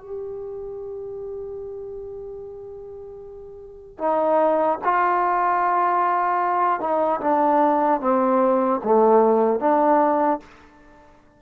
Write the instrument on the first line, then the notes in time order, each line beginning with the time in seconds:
trombone
0.00 G4
3.99 D#4
4.84 F4
6.80 D#4
7.21 D4
8.01 C4
8.84 A3
9.60 D4